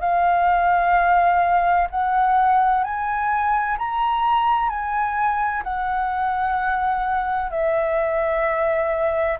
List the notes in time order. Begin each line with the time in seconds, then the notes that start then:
0.00 F5
1.90 F#5
2.83 G#5
3.78 A#5
4.69 G#5
5.63 F#5
7.50 E5